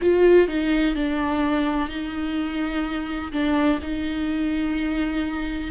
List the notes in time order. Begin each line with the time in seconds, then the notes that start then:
0.01 F4
0.48 D#4
0.95 D4
1.88 D#4
3.32 D4
3.81 D#4